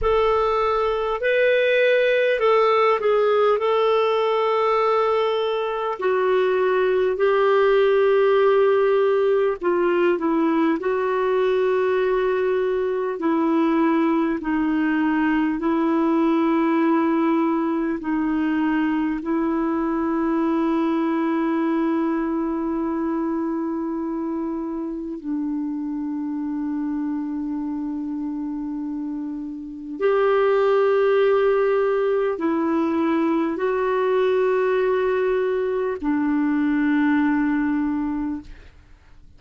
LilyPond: \new Staff \with { instrumentName = "clarinet" } { \time 4/4 \tempo 4 = 50 a'4 b'4 a'8 gis'8 a'4~ | a'4 fis'4 g'2 | f'8 e'8 fis'2 e'4 | dis'4 e'2 dis'4 |
e'1~ | e'4 d'2.~ | d'4 g'2 e'4 | fis'2 d'2 | }